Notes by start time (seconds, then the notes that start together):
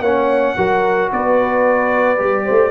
0.00 A#3 C#4 C#5 F#5
0.57 F#3 F#4 A#4
1.12 B3 B4 D5
2.17 G3 G4
2.45 A3 C5